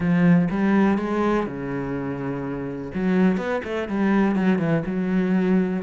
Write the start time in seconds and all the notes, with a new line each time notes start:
0.00 F3
0.50 G3
0.98 G#3
1.46 C#3
2.94 F#3
3.37 B3
3.64 A3
3.88 G3
4.35 F#3
4.58 E3
4.85 F#3